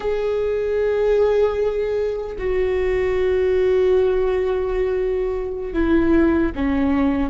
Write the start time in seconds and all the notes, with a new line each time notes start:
0.00 G#4
2.38 F#4
5.73 E4
6.55 C#4